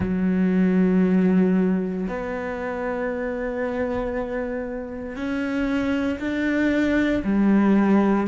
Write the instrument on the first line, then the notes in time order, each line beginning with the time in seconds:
cello
0.00 F#3
2.07 B3
5.15 C#4
6.19 D4
7.24 G3